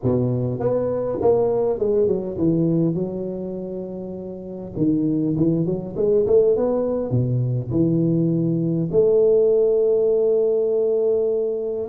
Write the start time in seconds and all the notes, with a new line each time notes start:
0.02 B2
0.59 B3
1.21 A#3
1.78 G#3
2.07 F#3
2.37 E3
2.94 F#3
4.76 D#3
5.36 E3
5.65 F#3
5.96 G#3
6.26 A3
6.56 B3
7.10 B2
7.70 E3
8.91 A3